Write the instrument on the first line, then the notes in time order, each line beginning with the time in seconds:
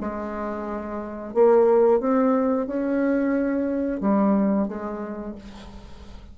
bassoon
0.00 G#3
1.34 A#3
2.00 C4
2.67 C#4
4.00 G3
4.68 G#3